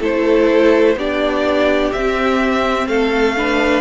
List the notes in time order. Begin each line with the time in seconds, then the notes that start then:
0.00 A3 E4 A4 C5
0.95 B3 D4 G4 D5
1.92 C4 E5
2.86 A3 A4 F5
3.36 D4 B4